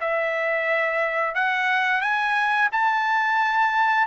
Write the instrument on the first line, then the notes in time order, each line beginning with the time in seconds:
trumpet
0.00 E5
1.35 F#5
2.01 G#5
2.72 A5